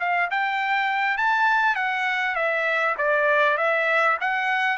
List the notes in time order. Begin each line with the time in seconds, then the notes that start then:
0.00 F5
0.31 G5
1.18 A5
1.76 F#5
2.36 E5
2.98 D5
3.58 E5
4.21 F#5